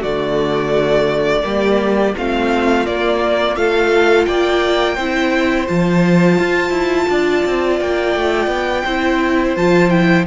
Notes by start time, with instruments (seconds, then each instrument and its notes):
0.00 cello D3, viola A3, violin F#4 D5
1.43 cello G3, viola A#3, violin G4
2.17 cello A3, viola C4, violin F4 F5
2.86 viola A#3, cello A#3, violin D5
3.55 cello A3, viola F4, violin A4 F5
4.25 cello A#3, violin D5 G5
4.94 cello C4, viola E4, violin C5
5.67 cello F3, viola F4, violin A5
6.38 cello F4
6.70 cello E4
7.09 cello D4, violin D5
7.45 cello C4
7.80 cello A#3, violin G5
8.15 cello A3
8.47 cello B3
8.84 cello C4, viola E4, violin C5
9.55 cello F3, viola F4, violin A5
9.89 viola E4, violin G5